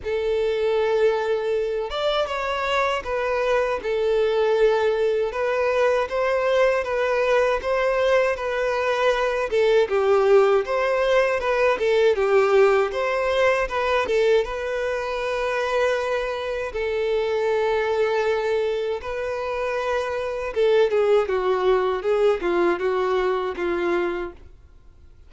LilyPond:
\new Staff \with { instrumentName = "violin" } { \time 4/4 \tempo 4 = 79 a'2~ a'8 d''8 cis''4 | b'4 a'2 b'4 | c''4 b'4 c''4 b'4~ | b'8 a'8 g'4 c''4 b'8 a'8 |
g'4 c''4 b'8 a'8 b'4~ | b'2 a'2~ | a'4 b'2 a'8 gis'8 | fis'4 gis'8 f'8 fis'4 f'4 | }